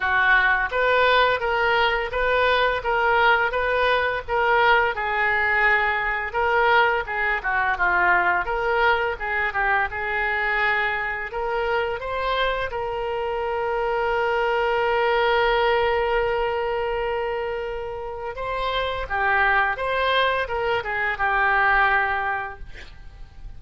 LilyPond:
\new Staff \with { instrumentName = "oboe" } { \time 4/4 \tempo 4 = 85 fis'4 b'4 ais'4 b'4 | ais'4 b'4 ais'4 gis'4~ | gis'4 ais'4 gis'8 fis'8 f'4 | ais'4 gis'8 g'8 gis'2 |
ais'4 c''4 ais'2~ | ais'1~ | ais'2 c''4 g'4 | c''4 ais'8 gis'8 g'2 | }